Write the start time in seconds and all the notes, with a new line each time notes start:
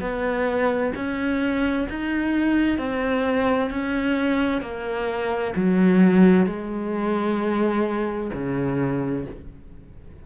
0.00 B3
0.95 C#4
1.89 D#4
2.78 C4
3.70 C#4
4.62 A#3
5.56 F#3
6.46 G#3
8.33 C#3